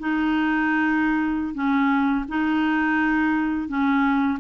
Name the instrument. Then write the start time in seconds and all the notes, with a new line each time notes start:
clarinet
0.00 D#4
1.55 C#4
2.28 D#4
3.69 C#4